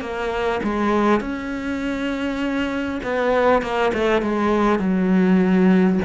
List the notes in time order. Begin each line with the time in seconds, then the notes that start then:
0.00 A#3
0.63 G#3
1.20 C#4
3.03 B3
3.62 A#3
3.93 A3
4.22 G#3
4.79 F#3